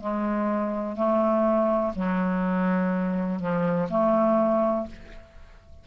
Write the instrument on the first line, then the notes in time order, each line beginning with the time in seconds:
clarinet
0.00 G#3
0.96 A3
1.95 F#3
3.40 F3
3.90 A3